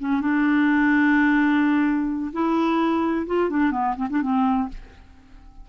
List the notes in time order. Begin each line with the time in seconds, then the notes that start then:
0.00 C#4
0.21 D4
2.33 E4
3.27 F4
3.50 D4
3.72 B3
3.96 C4
4.10 D4
4.22 C4